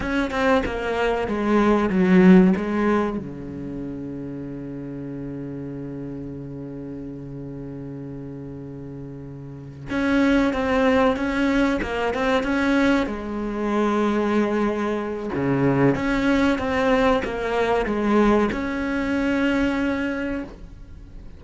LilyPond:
\new Staff \with { instrumentName = "cello" } { \time 4/4 \tempo 4 = 94 cis'8 c'8 ais4 gis4 fis4 | gis4 cis2.~ | cis1~ | cis2.~ cis8 cis'8~ |
cis'8 c'4 cis'4 ais8 c'8 cis'8~ | cis'8 gis2.~ gis8 | cis4 cis'4 c'4 ais4 | gis4 cis'2. | }